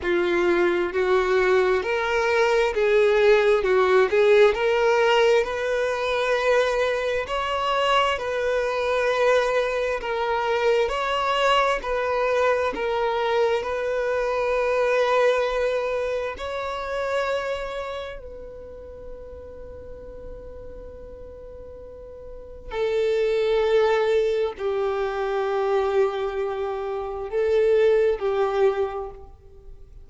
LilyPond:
\new Staff \with { instrumentName = "violin" } { \time 4/4 \tempo 4 = 66 f'4 fis'4 ais'4 gis'4 | fis'8 gis'8 ais'4 b'2 | cis''4 b'2 ais'4 | cis''4 b'4 ais'4 b'4~ |
b'2 cis''2 | b'1~ | b'4 a'2 g'4~ | g'2 a'4 g'4 | }